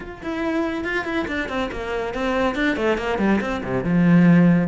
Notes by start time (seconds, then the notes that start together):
0.00 F4
0.22 E4
0.84 F4
1.04 E4
1.27 D4
1.48 C4
1.71 A#3
2.14 C4
2.55 D4
2.76 A3
2.97 A#3
3.18 G3
3.40 C4
3.63 C3
3.83 F3